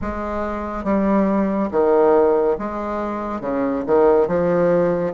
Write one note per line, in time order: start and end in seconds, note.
0.01 0.84 G#3
0.84 1.69 G3
1.71 2.57 D#3
2.58 3.41 G#3
3.41 3.83 C#3
3.86 4.27 D#3
4.27 5.13 F3